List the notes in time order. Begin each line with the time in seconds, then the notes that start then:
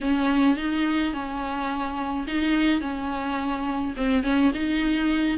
0.01 C#4
0.57 D#4
1.13 C#4
2.27 D#4
2.80 C#4
3.96 C4
4.23 C#4
4.54 D#4